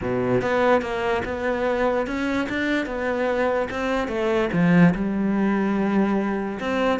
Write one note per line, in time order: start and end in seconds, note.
0.01 0.41 B2
0.41 0.81 B3
0.81 1.22 A#3
1.24 2.07 B3
2.07 2.48 C#4
2.49 2.86 D4
2.86 3.68 B3
3.70 4.08 C4
4.08 4.49 A3
4.52 4.94 F3
4.94 6.59 G3
6.60 6.99 C4